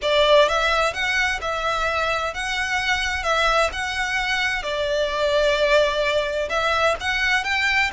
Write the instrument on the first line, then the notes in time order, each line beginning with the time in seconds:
violin
0.02 D5
0.48 E5
0.93 F#5
1.41 E5
2.34 F#5
3.23 E5
3.72 F#5
4.63 D5
6.49 E5
7.00 F#5
7.44 G5